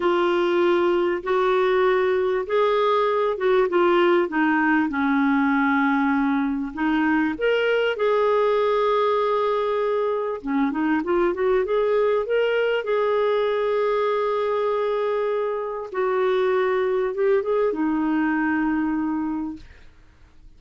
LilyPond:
\new Staff \with { instrumentName = "clarinet" } { \time 4/4 \tempo 4 = 98 f'2 fis'2 | gis'4. fis'8 f'4 dis'4 | cis'2. dis'4 | ais'4 gis'2.~ |
gis'4 cis'8 dis'8 f'8 fis'8 gis'4 | ais'4 gis'2.~ | gis'2 fis'2 | g'8 gis'8 dis'2. | }